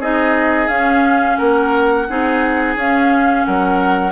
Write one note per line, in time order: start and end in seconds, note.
0.00 0.68 C4
0.00 0.70 D#4
0.00 1.38 G#4
0.00 0.68 D#5
0.68 1.37 C#4
0.68 2.08 C#4
0.68 1.37 F5
1.37 2.10 A#3
1.37 2.07 A#4
1.37 2.75 F#5
2.09 2.76 C4
2.09 2.78 D#4
2.09 3.47 G#4
2.76 3.45 C#4
2.76 4.12 C#4
2.76 3.46 F5
3.46 4.12 F#3
3.46 4.12 A#4
3.46 4.12 F#5